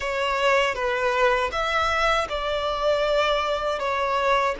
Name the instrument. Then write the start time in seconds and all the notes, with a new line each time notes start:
violin
0.00 C#5
0.74 B4
1.52 E5
2.29 D5
3.79 C#5